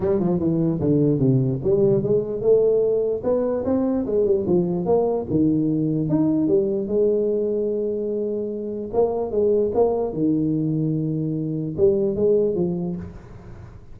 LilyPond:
\new Staff \with { instrumentName = "tuba" } { \time 4/4 \tempo 4 = 148 g8 f8 e4 d4 c4 | g4 gis4 a2 | b4 c'4 gis8 g8 f4 | ais4 dis2 dis'4 |
g4 gis2.~ | gis2 ais4 gis4 | ais4 dis2.~ | dis4 g4 gis4 f4 | }